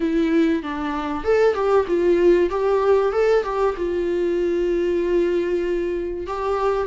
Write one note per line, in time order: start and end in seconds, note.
0.00 0.62 E4
0.62 1.23 D4
1.23 1.54 A4
1.54 1.85 G4
1.87 2.49 F4
2.49 3.12 G4
3.12 3.43 A4
3.43 3.75 G4
3.76 6.26 F4
6.26 6.86 G4